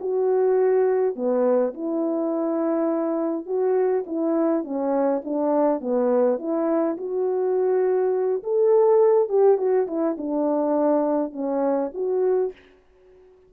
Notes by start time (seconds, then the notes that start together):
0.00 F#4
1.15 B3
1.73 E4
3.46 F#4
4.06 E4
4.63 C#4
5.24 D4
5.80 B3
6.38 E4
6.97 F#4
8.43 A4
9.29 G4
9.57 F#4
9.87 E4
10.17 D4
11.32 C#4
11.94 F#4